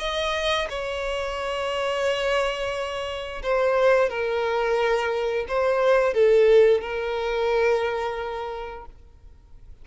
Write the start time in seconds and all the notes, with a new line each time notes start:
0.00 D#5
0.70 C#5
3.43 C5
4.10 A#4
5.49 C5
6.14 A4
6.81 A#4